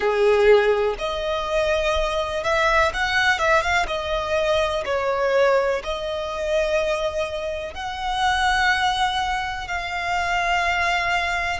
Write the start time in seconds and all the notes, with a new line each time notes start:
0.00 G#4
0.98 D#5
2.43 E5
2.93 F#5
3.39 E5
3.62 F5
3.87 D#5
4.85 C#5
5.83 D#5
7.74 F#5
9.67 F5